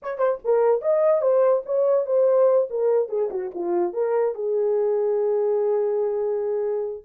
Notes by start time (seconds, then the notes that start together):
0.02 C#5
0.18 C5
0.44 A#4
0.81 D#5
1.21 C5
1.65 C#5
2.06 C5
2.70 A#4
3.08 G#4
3.30 F#4
3.54 F4
3.93 A#4
4.34 G#4